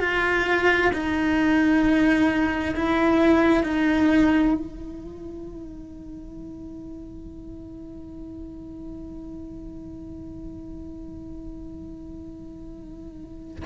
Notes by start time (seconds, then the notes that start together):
0.00 F4
0.93 D#4
2.76 E4
3.63 D#4
4.54 E4